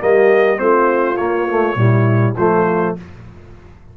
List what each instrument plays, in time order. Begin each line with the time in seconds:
0.00 tuba G3, trombone A#3, horn G4, trumpet D#5
0.56 tuba A3, trombone C4, horn F4, trumpet C5
1.17 tuba A#3, trombone A#3, trumpet C#5
1.49 trombone A3
1.76 tuba A#2, trombone G3, horn E4
2.37 tuba F3, trombone A3, horn F4, trumpet C5